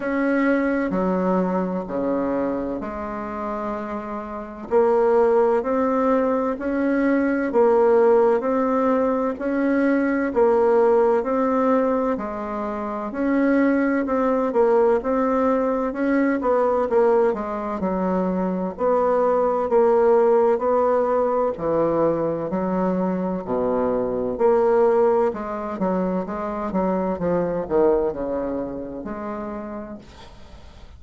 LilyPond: \new Staff \with { instrumentName = "bassoon" } { \time 4/4 \tempo 4 = 64 cis'4 fis4 cis4 gis4~ | gis4 ais4 c'4 cis'4 | ais4 c'4 cis'4 ais4 | c'4 gis4 cis'4 c'8 ais8 |
c'4 cis'8 b8 ais8 gis8 fis4 | b4 ais4 b4 e4 | fis4 b,4 ais4 gis8 fis8 | gis8 fis8 f8 dis8 cis4 gis4 | }